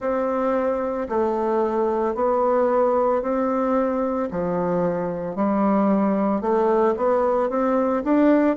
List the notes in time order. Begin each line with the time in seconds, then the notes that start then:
0.00 C4
1.09 A3
2.14 B3
3.21 C4
4.31 F3
5.35 G3
6.40 A3
6.96 B3
7.49 C4
8.04 D4